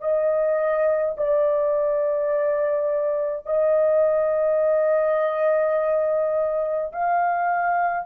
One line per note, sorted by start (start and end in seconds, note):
0.00 1.15 D#5
1.17 3.46 D5
3.46 6.92 D#5
6.92 8.06 F5